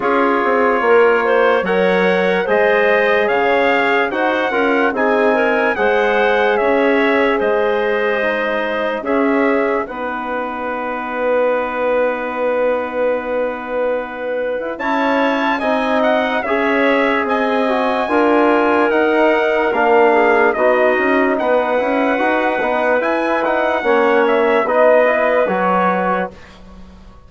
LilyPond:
<<
  \new Staff \with { instrumentName = "trumpet" } { \time 4/4 \tempo 4 = 73 cis''2 fis''4 dis''4 | f''4 fis''4 gis''4 fis''4 | e''4 dis''2 e''4 | fis''1~ |
fis''2 a''4 gis''8 fis''8 | e''4 gis''2 fis''4 | f''4 dis''4 fis''2 | gis''8 fis''4 e''8 dis''4 cis''4 | }
  \new Staff \with { instrumentName = "clarinet" } { \time 4/4 gis'4 ais'8 c''8 cis''4 c''4 | cis''4 c''8 ais'8 gis'8 ais'8 c''4 | cis''4 c''2 gis'4 | b'1~ |
b'2 cis''4 dis''4 | cis''4 dis''4 ais'2~ | ais'8 gis'8 fis'4 b'2~ | b'4 cis''4 b'2 | }
  \new Staff \with { instrumentName = "trombone" } { \time 4/4 f'2 ais'4 gis'4~ | gis'4 fis'8 f'8 dis'4 gis'4~ | gis'2 dis'4 cis'4 | dis'1~ |
dis'2 e'4 dis'4 | gis'4. fis'8 f'4 dis'4 | d'4 dis'4. e'8 fis'8 dis'8 | e'8 dis'8 cis'4 dis'8 e'8 fis'4 | }
  \new Staff \with { instrumentName = "bassoon" } { \time 4/4 cis'8 c'8 ais4 fis4 gis4 | cis4 dis'8 cis'8 c'4 gis4 | cis'4 gis2 cis'4 | b1~ |
b4.~ b16 e'16 cis'4 c'4 | cis'4 c'4 d'4 dis'4 | ais4 b8 cis'8 b8 cis'8 dis'8 b8 | e'4 ais4 b4 fis4 | }
>>